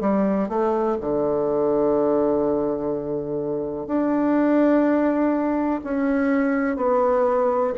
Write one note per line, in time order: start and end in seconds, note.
0.00 0.48 G3
0.48 0.97 A3
1.01 3.86 D3
3.86 5.80 D4
5.84 6.76 C#4
6.76 7.73 B3